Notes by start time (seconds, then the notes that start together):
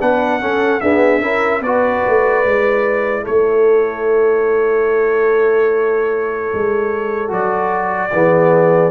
0.00 B3 D4 B4 F#5
0.40 C#4 A4
0.81 B3 D4 G#4 E5
1.21 C#4 E4 A#4
1.60 B3 F#4 B4 D5
2.07 A3
2.44 G#3 E4
3.24 A3 A4 C#5
6.53 G#3
7.28 F#3 F#4 D5
8.12 E3 B3 G#4